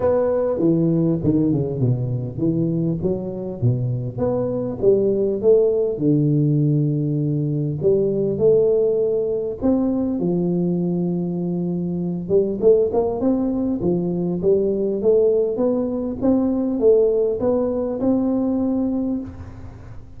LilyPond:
\new Staff \with { instrumentName = "tuba" } { \time 4/4 \tempo 4 = 100 b4 e4 dis8 cis8 b,4 | e4 fis4 b,4 b4 | g4 a4 d2~ | d4 g4 a2 |
c'4 f2.~ | f8 g8 a8 ais8 c'4 f4 | g4 a4 b4 c'4 | a4 b4 c'2 | }